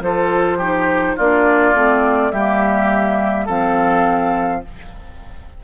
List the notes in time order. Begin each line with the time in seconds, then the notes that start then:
0.00 F3 F4 A4 C5
0.58 D#4 G4
1.16 A#3 D4 F4 D5
1.74 A3 C4
2.31 G3 A#3 G4 E5
3.45 F3 C4 A4 F5